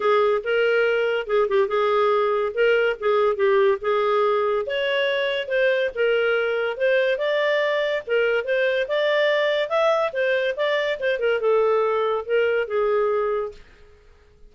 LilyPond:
\new Staff \with { instrumentName = "clarinet" } { \time 4/4 \tempo 4 = 142 gis'4 ais'2 gis'8 g'8 | gis'2 ais'4 gis'4 | g'4 gis'2 cis''4~ | cis''4 c''4 ais'2 |
c''4 d''2 ais'4 | c''4 d''2 e''4 | c''4 d''4 c''8 ais'8 a'4~ | a'4 ais'4 gis'2 | }